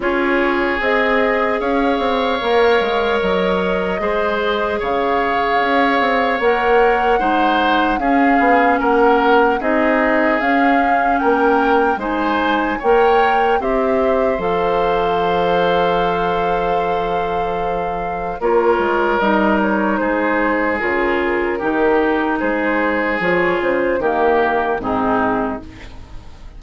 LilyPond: <<
  \new Staff \with { instrumentName = "flute" } { \time 4/4 \tempo 4 = 75 cis''4 dis''4 f''2 | dis''2 f''2 | fis''2 f''4 fis''4 | dis''4 f''4 g''4 gis''4 |
g''4 e''4 f''2~ | f''2. cis''4 | dis''8 cis''8 c''4 ais'2 | c''4 cis''8 c''8 ais'4 gis'4 | }
  \new Staff \with { instrumentName = "oboe" } { \time 4/4 gis'2 cis''2~ | cis''4 c''4 cis''2~ | cis''4 c''4 gis'4 ais'4 | gis'2 ais'4 c''4 |
cis''4 c''2.~ | c''2. ais'4~ | ais'4 gis'2 g'4 | gis'2 g'4 dis'4 | }
  \new Staff \with { instrumentName = "clarinet" } { \time 4/4 f'4 gis'2 ais'4~ | ais'4 gis'2. | ais'4 dis'4 cis'2 | dis'4 cis'2 dis'4 |
ais'4 g'4 a'2~ | a'2. f'4 | dis'2 f'4 dis'4~ | dis'4 f'4 ais4 c'4 | }
  \new Staff \with { instrumentName = "bassoon" } { \time 4/4 cis'4 c'4 cis'8 c'8 ais8 gis8 | fis4 gis4 cis4 cis'8 c'8 | ais4 gis4 cis'8 b8 ais4 | c'4 cis'4 ais4 gis4 |
ais4 c'4 f2~ | f2. ais8 gis8 | g4 gis4 cis4 dis4 | gis4 f8 cis8 dis4 gis,4 | }
>>